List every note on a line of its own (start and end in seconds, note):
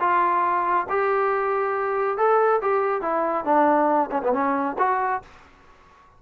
0.00 0.87 F4
0.89 2.18 G4
2.18 2.61 A4
2.62 3.02 G4
3.02 3.45 E4
3.45 4.10 D4
4.11 4.22 C#4
4.23 4.33 B3
4.33 4.76 C#4
4.79 5.22 F#4